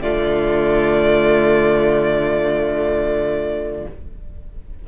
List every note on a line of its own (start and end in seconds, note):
0.00 3.86 D3
0.00 3.88 A3
0.00 3.88 F4
0.00 3.88 D5